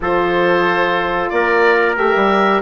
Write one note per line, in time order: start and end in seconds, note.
0.00 1.29 F3
0.00 1.96 F4
0.00 1.33 A4
0.00 1.29 C5
1.29 1.97 A#3
1.29 2.62 A#4
1.29 1.95 D5
1.96 2.13 A3
1.96 2.62 G4
1.96 2.62 E5
2.15 2.62 G3